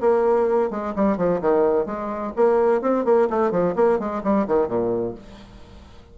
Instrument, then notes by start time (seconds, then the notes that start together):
bassoon
0.00 A#3
0.70 G#3
0.95 G3
1.17 F3
1.41 D#3
1.86 G#3
2.36 A#3
2.81 C4
3.05 A#3
3.30 A3
3.51 F3
3.75 A#3
3.99 G#3
4.23 G3
4.47 D#3
4.68 A#2